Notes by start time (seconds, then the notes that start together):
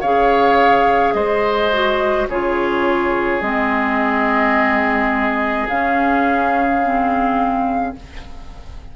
0.00 C#3 G#4 C#5 F5
1.13 G#3 C5 D#5
1.72 F#4
2.28 C#3 F4 G#4 C#5
3.41 G#3 C4 D#5
5.68 C#3 C#4 F5
6.83 C4